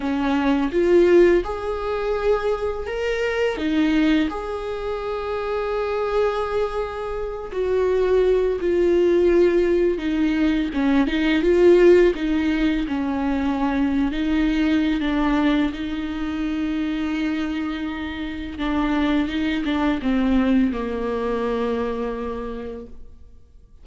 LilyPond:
\new Staff \with { instrumentName = "viola" } { \time 4/4 \tempo 4 = 84 cis'4 f'4 gis'2 | ais'4 dis'4 gis'2~ | gis'2~ gis'8 fis'4. | f'2 dis'4 cis'8 dis'8 |
f'4 dis'4 cis'4.~ cis'16 dis'16~ | dis'4 d'4 dis'2~ | dis'2 d'4 dis'8 d'8 | c'4 ais2. | }